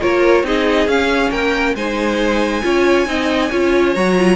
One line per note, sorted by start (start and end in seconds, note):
0.00 0.43 A#3
0.00 0.44 F4
0.00 0.44 A#4
0.00 0.45 C#5
0.43 0.87 C4
0.43 0.88 D#4
0.43 1.31 G#4
0.43 0.88 D#5
0.87 1.30 C#4
0.87 1.76 C#4
0.87 1.31 F5
1.30 1.74 A#3
1.30 1.75 A#4
1.30 1.75 G5
1.75 2.62 G#3
1.75 2.62 D#4
1.75 2.63 C5
1.75 3.94 G#5
2.62 3.07 C#4
2.62 3.06 F4
2.62 3.07 C#5
3.06 3.50 C4
3.06 3.49 D#4
3.06 3.50 D#5
3.50 3.96 C#4
3.50 3.95 F4
3.50 4.36 C#5
3.94 4.36 F#3
3.94 4.17 F#4
3.94 4.36 A#5
4.18 4.36 F4